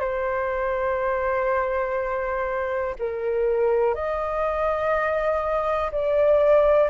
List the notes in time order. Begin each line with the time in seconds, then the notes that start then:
0.00 C5
2.99 A#4
3.94 D#5
5.92 D5